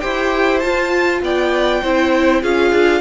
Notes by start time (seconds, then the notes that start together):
0.00 E4 G4 C5 G5
0.59 F4 A5
1.22 B3 D5 G5
1.82 C4 E4 C5
2.42 C#4 F4 G#4 F5
2.71 D4